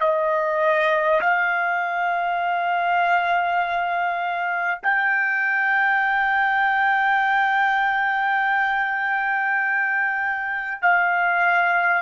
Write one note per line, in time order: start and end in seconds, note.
0.00 1.20 D#5
1.21 4.81 F5
4.83 10.82 G5
10.82 12.02 F5